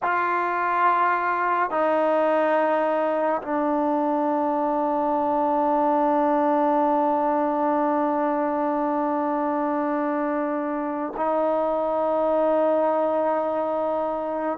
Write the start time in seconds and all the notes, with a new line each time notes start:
0.02 F4
1.70 D#4
3.41 D4
11.16 D#4